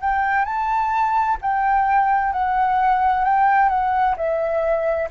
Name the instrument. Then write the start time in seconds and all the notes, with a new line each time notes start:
flute
0.00 G5
0.44 A5
1.41 G5
2.32 F#5
3.24 G5
3.69 F#5
4.17 E5